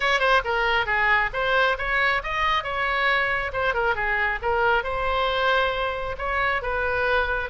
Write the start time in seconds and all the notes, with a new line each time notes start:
0.00 C#5
0.19 C5
0.44 A#4
0.85 G#4
1.33 C5
1.78 C#5
2.23 D#5
2.63 C#5
3.53 C5
3.73 A#4
3.95 G#4
4.42 A#4
4.83 C5
6.18 C#5
6.62 B4